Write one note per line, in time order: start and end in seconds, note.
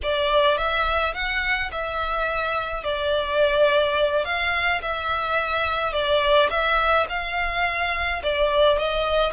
0.02 0.57 D5
0.57 1.14 E5
1.14 1.70 F#5
1.71 2.83 E5
2.83 4.24 D5
4.24 4.81 F5
4.81 5.92 E5
5.92 6.49 D5
6.49 7.06 E5
7.09 8.22 F5
8.23 8.78 D5
8.78 9.32 D#5